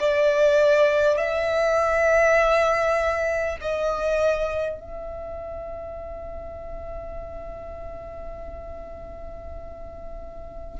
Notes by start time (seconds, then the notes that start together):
0.00 D5
1.17 E5
3.61 D#5
4.80 E5